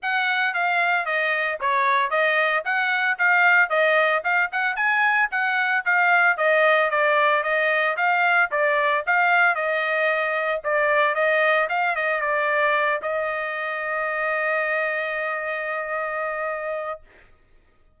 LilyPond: \new Staff \with { instrumentName = "trumpet" } { \time 4/4 \tempo 4 = 113 fis''4 f''4 dis''4 cis''4 | dis''4 fis''4 f''4 dis''4 | f''8 fis''8 gis''4 fis''4 f''4 | dis''4 d''4 dis''4 f''4 |
d''4 f''4 dis''2 | d''4 dis''4 f''8 dis''8 d''4~ | d''8 dis''2.~ dis''8~ | dis''1 | }